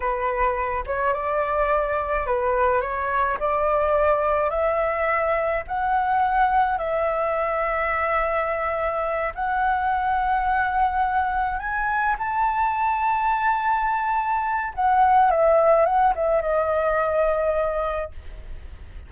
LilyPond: \new Staff \with { instrumentName = "flute" } { \time 4/4 \tempo 4 = 106 b'4. cis''8 d''2 | b'4 cis''4 d''2 | e''2 fis''2 | e''1~ |
e''8 fis''2.~ fis''8~ | fis''8 gis''4 a''2~ a''8~ | a''2 fis''4 e''4 | fis''8 e''8 dis''2. | }